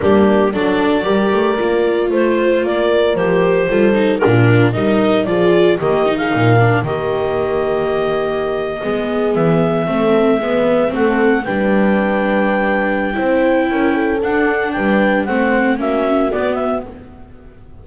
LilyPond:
<<
  \new Staff \with { instrumentName = "clarinet" } { \time 4/4 \tempo 4 = 114 g'4 d''2. | c''4 d''4 c''2 | ais'4 dis''4 d''4 dis''8. f''16~ | f''4 dis''2.~ |
dis''4.~ dis''16 e''2~ e''16~ | e''8. fis''4 g''2~ g''16~ | g''2. fis''4 | g''4 fis''4 e''4 d''8 e''8 | }
  \new Staff \with { instrumentName = "horn" } { \time 4/4 d'4 a'4 ais'2 | c''4 ais'2 a'4 | f'4 ais'4 gis'4 g'8. gis'16 | ais'4 g'2.~ |
g'8. gis'2 a'4 b'16~ | b'8. a'4 b'2~ b'16~ | b'4 c''4 ais'8 a'4. | b'4 c''4 fis'2 | }
  \new Staff \with { instrumentName = "viola" } { \time 4/4 ais4 d'4 g'4 f'4~ | f'2 g'4 f'8 dis'8 | d'4 dis'4 f'4 ais8 dis'8~ | dis'8 d'8 ais2.~ |
ais8. b2 c'4 b16~ | b8. c'4 d'2~ d'16~ | d'4 e'2 d'4~ | d'4 c'4 cis'4 b4 | }
  \new Staff \with { instrumentName = "double bass" } { \time 4/4 g4 fis4 g8 a8 ais4 | a4 ais4 f4 g4 | ais,4 g4 f4 dis4 | ais,4 dis2.~ |
dis8. gis4 e4 a4 gis16~ | gis8. a4 g2~ g16~ | g4 c'4 cis'4 d'4 | g4 a4 ais4 b4 | }
>>